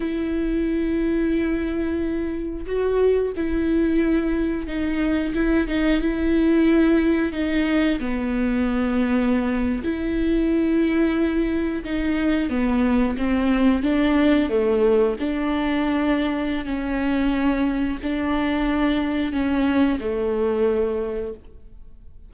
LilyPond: \new Staff \with { instrumentName = "viola" } { \time 4/4 \tempo 4 = 90 e'1 | fis'4 e'2 dis'4 | e'8 dis'8 e'2 dis'4 | b2~ b8. e'4~ e'16~ |
e'4.~ e'16 dis'4 b4 c'16~ | c'8. d'4 a4 d'4~ d'16~ | d'4 cis'2 d'4~ | d'4 cis'4 a2 | }